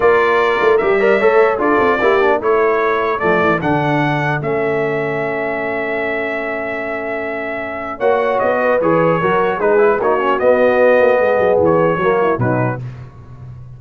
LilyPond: <<
  \new Staff \with { instrumentName = "trumpet" } { \time 4/4 \tempo 4 = 150 d''2 e''2 | d''2 cis''2 | d''4 fis''2 e''4~ | e''1~ |
e''1 | fis''4 dis''4 cis''2 | b'4 cis''4 dis''2~ | dis''4 cis''2 b'4 | }
  \new Staff \with { instrumentName = "horn" } { \time 4/4 ais'2~ ais'8 d''8 cis''4 | a'4 g'4 a'2~ | a'1~ | a'1~ |
a'1 | cis''4. b'4. ais'4 | gis'4 fis'2. | gis'2 fis'8 e'8 dis'4 | }
  \new Staff \with { instrumentName = "trombone" } { \time 4/4 f'2 g'8 ais'8 a'4 | f'4 e'8 d'8 e'2 | a4 d'2 cis'4~ | cis'1~ |
cis'1 | fis'2 gis'4 fis'4 | dis'8 e'8 dis'8 cis'8 b2~ | b2 ais4 fis4 | }
  \new Staff \with { instrumentName = "tuba" } { \time 4/4 ais4. a8 g4 a4 | d'8 c'8 ais4 a2 | f8 e8 d2 a4~ | a1~ |
a1 | ais4 b4 e4 fis4 | gis4 ais4 b4. ais8 | gis8 fis8 e4 fis4 b,4 | }
>>